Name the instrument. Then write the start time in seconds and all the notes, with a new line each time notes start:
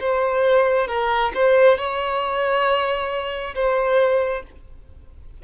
violin
0.00 C5
0.88 A#4
1.34 C5
1.78 C#5
3.55 C5